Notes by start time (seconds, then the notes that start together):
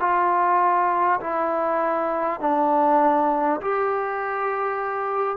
0.00 F4
1.21 E4
2.41 D4
3.61 G4